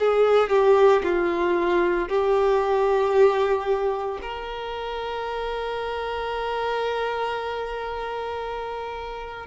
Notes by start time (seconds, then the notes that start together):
0.00 G#4
0.50 G4
1.04 F4
2.09 G4
4.22 A#4